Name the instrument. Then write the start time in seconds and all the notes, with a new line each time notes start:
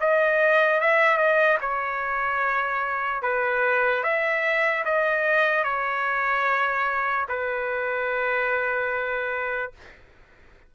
trumpet
0.00 D#5
0.80 E5
1.17 D#5
1.61 C#5
3.22 B4
4.03 E5
4.85 D#5
5.64 C#5
7.29 B4